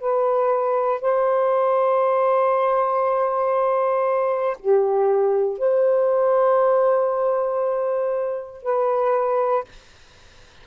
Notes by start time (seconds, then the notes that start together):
0.00 B4
1.01 C5
4.59 G4
5.58 C5
8.63 B4